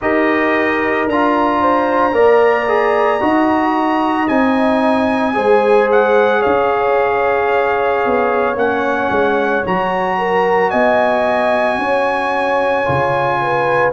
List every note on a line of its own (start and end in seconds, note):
0.01 1.06 D#4
0.01 1.08 G4
0.01 1.60 A#4
0.01 1.08 D#5
1.06 2.12 D4
1.06 2.12 F4
1.06 4.27 A#5
1.60 2.14 C5
2.12 3.20 A#3
2.12 2.65 A#4
2.12 3.21 D5
2.67 3.20 G#4
3.20 4.29 D#4
3.20 4.27 F#4
3.20 5.35 D#5
4.27 5.36 C4
4.27 5.33 D#4
4.27 5.88 G#5
5.33 6.43 G#3
5.33 8.54 G#4
5.33 6.40 C5
5.91 6.42 F#5
6.40 8.05 C#4
6.40 10.15 C#5
6.40 8.56 F5
8.05 8.55 B3
8.55 9.08 A#3
8.55 9.63 C#4
8.55 9.64 F#5
9.10 9.63 G#3
9.64 10.72 F#3
9.64 12.85 F#4
9.64 10.70 A#5
10.17 10.70 A#4
10.70 11.78 B3
10.70 11.77 D#5
10.70 13.91 G#5
11.78 12.85 C#4
11.78 13.40 C#5
12.85 13.93 C#3
12.85 13.92 F4
13.41 13.93 B4